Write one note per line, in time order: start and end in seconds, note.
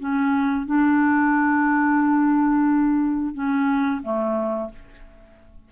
0.00 0.66 C#4
0.66 3.34 D4
3.34 4.02 C#4
4.03 4.70 A3